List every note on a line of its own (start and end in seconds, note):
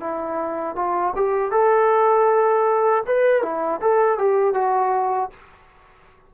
0.00 0.75 E4
0.75 1.13 F4
1.16 1.51 G4
1.51 3.03 A4
3.07 3.42 B4
3.42 3.80 E4
3.81 4.18 A4
4.18 4.54 G4
4.54 5.30 F#4